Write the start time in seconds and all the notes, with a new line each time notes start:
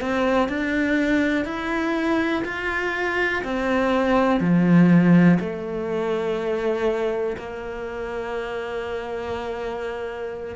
0.00 C4
0.48 D4
1.45 E4
2.45 F4
3.43 C4
4.40 F3
5.40 A3
7.37 A#3